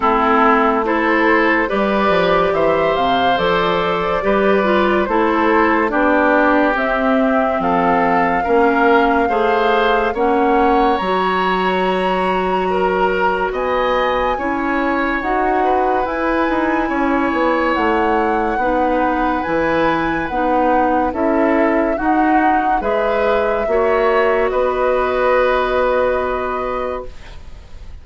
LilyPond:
<<
  \new Staff \with { instrumentName = "flute" } { \time 4/4 \tempo 4 = 71 a'4 c''4 d''4 e''8 f''8 | d''2 c''4 d''4 | e''4 f''2. | fis''4 ais''2. |
gis''2 fis''4 gis''4~ | gis''4 fis''2 gis''4 | fis''4 e''4 fis''4 e''4~ | e''4 dis''2. | }
  \new Staff \with { instrumentName = "oboe" } { \time 4/4 e'4 a'4 b'4 c''4~ | c''4 b'4 a'4 g'4~ | g'4 a'4 ais'4 c''4 | cis''2. ais'4 |
dis''4 cis''4. b'4. | cis''2 b'2~ | b'4 a'4 fis'4 b'4 | cis''4 b'2. | }
  \new Staff \with { instrumentName = "clarinet" } { \time 4/4 c'4 e'4 g'2 | a'4 g'8 f'8 e'4 d'4 | c'2 cis'4 gis'4 | cis'4 fis'2.~ |
fis'4 e'4 fis'4 e'4~ | e'2 dis'4 e'4 | dis'4 e'4 dis'4 gis'4 | fis'1 | }
  \new Staff \with { instrumentName = "bassoon" } { \time 4/4 a2 g8 f8 e8 c8 | f4 g4 a4 b4 | c'4 f4 ais4 a4 | ais4 fis2. |
b4 cis'4 dis'4 e'8 dis'8 | cis'8 b8 a4 b4 e4 | b4 cis'4 dis'4 gis4 | ais4 b2. | }
>>